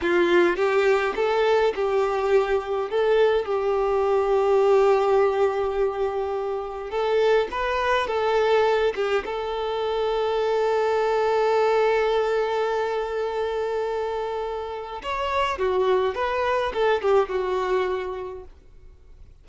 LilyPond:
\new Staff \with { instrumentName = "violin" } { \time 4/4 \tempo 4 = 104 f'4 g'4 a'4 g'4~ | g'4 a'4 g'2~ | g'1 | a'4 b'4 a'4. g'8 |
a'1~ | a'1~ | a'2 cis''4 fis'4 | b'4 a'8 g'8 fis'2 | }